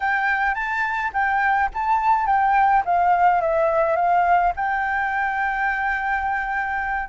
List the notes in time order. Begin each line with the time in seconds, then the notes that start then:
0.00 G5
0.54 A5
1.13 G5
1.73 A5
2.26 G5
2.85 F5
3.41 E5
3.96 F5
4.56 G5